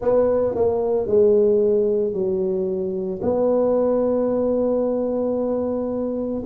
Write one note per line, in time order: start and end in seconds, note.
0.00 0.54 B3
0.54 1.06 A#3
1.06 2.13 G#3
2.13 3.20 F#3
3.21 6.43 B3